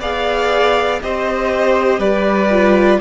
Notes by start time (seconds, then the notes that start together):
0.00 B3 G#4 D5 F5
1.02 C4 G4 C5 D#5
1.99 G3 B4 D5
2.51 F4